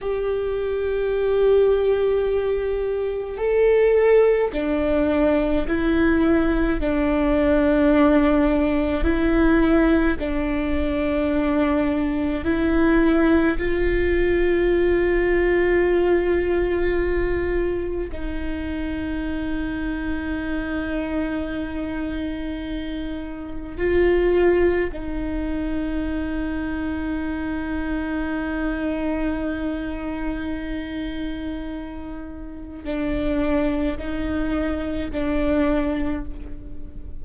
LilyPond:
\new Staff \with { instrumentName = "viola" } { \time 4/4 \tempo 4 = 53 g'2. a'4 | d'4 e'4 d'2 | e'4 d'2 e'4 | f'1 |
dis'1~ | dis'4 f'4 dis'2~ | dis'1~ | dis'4 d'4 dis'4 d'4 | }